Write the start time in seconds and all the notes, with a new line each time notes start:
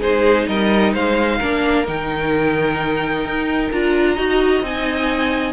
0.00 G#3 D#4 G#4 C5
0.46 G3 A#4 D#5
0.93 G#3 C5 F5
1.38 A#3 D4 A#4
1.86 D#3 D#4 G5
3.25 D#4
3.71 D4 F4 A#5
4.14 D#4 F#4 D#5
4.61 C4 D#4 G#5